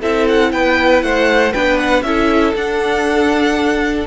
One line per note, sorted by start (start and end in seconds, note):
0.00 0.53 C4
0.00 1.53 E4
0.00 0.51 A4
0.00 0.28 E5
0.29 0.52 F#5
0.52 1.03 B3
0.52 1.05 B4
0.52 1.02 G5
1.02 1.54 A3
1.02 1.53 C5
1.02 1.53 F#5
1.53 2.03 B3
1.53 2.04 D4
1.53 2.04 B4
1.53 1.78 G5
1.78 2.03 F#5
2.03 2.53 C#4
2.03 2.56 E4
2.03 4.07 A4
2.03 2.54 E5
2.55 4.07 D4
2.55 4.07 F#5